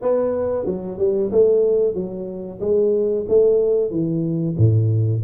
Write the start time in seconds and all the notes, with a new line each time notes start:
0.01 B3
0.65 F#3
0.98 G3
1.31 A3
1.94 F#3
2.60 G#3
3.28 A3
3.90 E3
4.57 A2